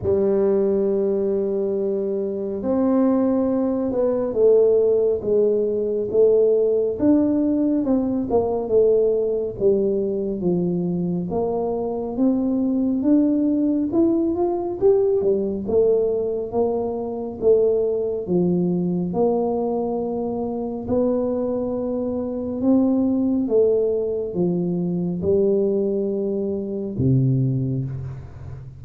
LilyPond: \new Staff \with { instrumentName = "tuba" } { \time 4/4 \tempo 4 = 69 g2. c'4~ | c'8 b8 a4 gis4 a4 | d'4 c'8 ais8 a4 g4 | f4 ais4 c'4 d'4 |
e'8 f'8 g'8 g8 a4 ais4 | a4 f4 ais2 | b2 c'4 a4 | f4 g2 c4 | }